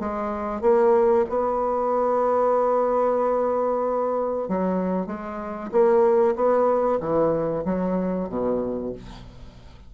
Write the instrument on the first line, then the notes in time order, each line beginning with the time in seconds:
bassoon
0.00 G#3
0.62 A#3
1.29 B3
4.49 F#3
5.07 G#3
5.72 A#3
6.36 B3
7.01 E3
7.65 F#3
8.29 B2